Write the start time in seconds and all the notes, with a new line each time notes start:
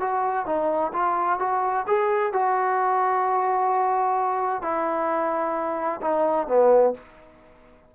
0.00 F#4
0.46 D#4
0.93 F4
1.40 F#4
1.87 G#4
2.33 F#4
4.62 E4
6.02 D#4
6.48 B3